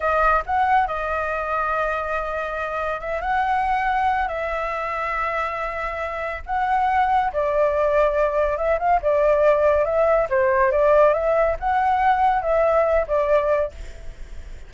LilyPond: \new Staff \with { instrumentName = "flute" } { \time 4/4 \tempo 4 = 140 dis''4 fis''4 dis''2~ | dis''2. e''8 fis''8~ | fis''2 e''2~ | e''2. fis''4~ |
fis''4 d''2. | e''8 f''8 d''2 e''4 | c''4 d''4 e''4 fis''4~ | fis''4 e''4. d''4. | }